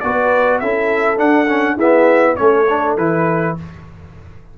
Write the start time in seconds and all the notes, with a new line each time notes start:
0.00 B3 F#4 B4 D5
0.59 C#4 E4 A4 E5
1.17 D4 F#5
1.48 C#4
1.75 B3 E4 G#4 E5
2.36 A3 C#4 A4 C#5
2.69 D4
2.97 E3 E4 B4